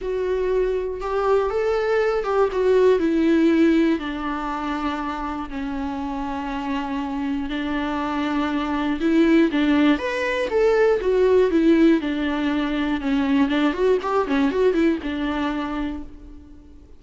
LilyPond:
\new Staff \with { instrumentName = "viola" } { \time 4/4 \tempo 4 = 120 fis'2 g'4 a'4~ | a'8 g'8 fis'4 e'2 | d'2. cis'4~ | cis'2. d'4~ |
d'2 e'4 d'4 | b'4 a'4 fis'4 e'4 | d'2 cis'4 d'8 fis'8 | g'8 cis'8 fis'8 e'8 d'2 | }